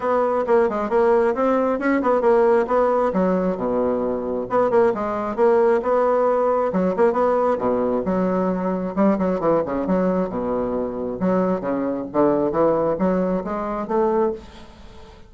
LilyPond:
\new Staff \with { instrumentName = "bassoon" } { \time 4/4 \tempo 4 = 134 b4 ais8 gis8 ais4 c'4 | cis'8 b8 ais4 b4 fis4 | b,2 b8 ais8 gis4 | ais4 b2 fis8 ais8 |
b4 b,4 fis2 | g8 fis8 e8 cis8 fis4 b,4~ | b,4 fis4 cis4 d4 | e4 fis4 gis4 a4 | }